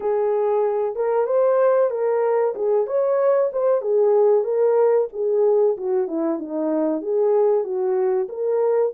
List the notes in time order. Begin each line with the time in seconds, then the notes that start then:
0.00 G#4
0.95 A#4
1.26 C5
1.90 A#4
2.55 G#4
2.86 C#5
3.52 C5
3.81 G#4
4.44 A#4
5.12 G#4
5.77 F#4
6.07 E4
6.39 D#4
7.01 G#4
7.64 F#4
8.28 A#4